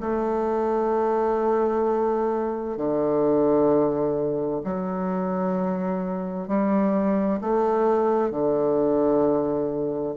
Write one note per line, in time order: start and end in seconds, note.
0.00 2.77 A3
2.77 4.61 D3
4.64 6.47 F#3
6.47 7.40 G3
7.41 8.30 A3
8.30 10.15 D3